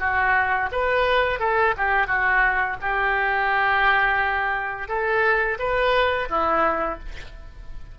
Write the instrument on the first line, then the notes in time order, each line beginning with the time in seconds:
oboe
0.00 F#4
0.72 B4
1.40 A4
1.77 G4
2.07 F#4
2.82 G4
4.88 A4
5.59 B4
6.30 E4